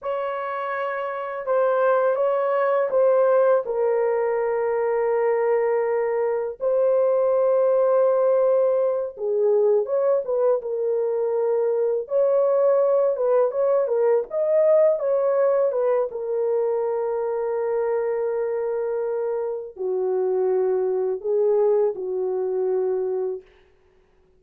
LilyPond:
\new Staff \with { instrumentName = "horn" } { \time 4/4 \tempo 4 = 82 cis''2 c''4 cis''4 | c''4 ais'2.~ | ais'4 c''2.~ | c''8 gis'4 cis''8 b'8 ais'4.~ |
ais'8 cis''4. b'8 cis''8 ais'8 dis''8~ | dis''8 cis''4 b'8 ais'2~ | ais'2. fis'4~ | fis'4 gis'4 fis'2 | }